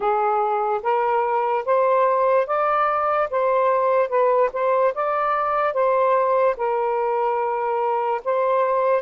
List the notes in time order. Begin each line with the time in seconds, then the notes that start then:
0.00 G#4
0.82 A#4
1.65 C5
2.47 D5
3.30 C5
4.08 B4
4.52 C5
4.94 D5
5.73 C5
6.56 A#4
8.24 C5